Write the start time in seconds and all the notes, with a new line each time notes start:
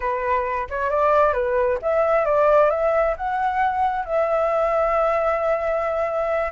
0.00 B4
0.69 C#5
0.89 D5
1.33 B4
1.82 E5
2.25 D5
2.70 E5
3.16 F#5
4.05 E5